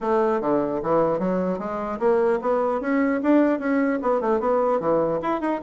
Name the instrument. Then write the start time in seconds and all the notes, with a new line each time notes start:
bassoon
0.00 A3
0.40 D3
0.82 E3
1.19 F#3
1.59 G#3
1.99 A#3
2.41 B3
2.80 C#4
3.22 D4
3.59 C#4
4.01 B3
4.20 A3
4.39 B3
4.80 E3
5.22 E4
5.40 D#4